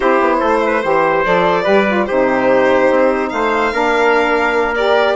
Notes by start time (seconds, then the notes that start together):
0.00 C4 E4 G4 C5
0.20 B3
0.39 A3 A4
0.65 B4
0.82 E3 G4 C5
1.24 F3 A4 D5
1.63 G3 G4 B4
1.87 F4
2.06 C3 D#4 G4 C5
2.90 C4
3.29 A3 C5 F5
3.71 A#3 D4 A#4
4.75 G4 D5